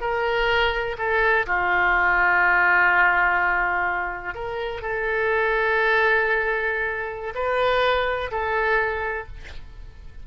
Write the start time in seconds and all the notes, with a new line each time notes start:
0.00 A#4
0.98 A4
1.46 F4
4.34 A#4
4.81 A4
7.34 B4
8.31 A4